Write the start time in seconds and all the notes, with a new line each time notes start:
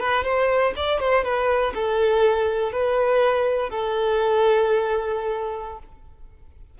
0.00 B4
0.24 C5
0.76 D5
1.00 C5
1.24 B4
1.75 A4
2.72 B4
3.70 A4